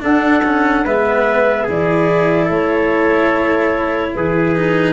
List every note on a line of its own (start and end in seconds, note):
0.00 0.41 D4
0.00 0.85 D4
0.00 0.85 A4
0.00 0.86 F#5
0.44 0.85 C#4
0.85 1.68 G#3
0.85 1.68 B3
0.85 1.63 B4
0.85 1.68 E5
1.63 2.49 E3
1.63 4.56 E4
1.63 2.45 G#4
1.70 2.50 D5
2.45 4.14 A3
2.45 4.09 A4
2.45 4.14 C#5
4.14 4.93 E3
4.14 4.93 G#4
4.14 4.93 B4
4.56 4.93 D#4